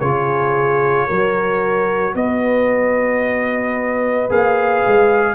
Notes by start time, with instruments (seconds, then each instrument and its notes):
0.00 tuba C#3, trombone F4, horn G#4, trumpet C#5
1.06 tuba F#3, trombone F#4, horn A#4
2.15 tuba B3, horn B4, trumpet D#5
4.29 tuba A#3, trombone G#4, trumpet F5
4.86 tuba G#3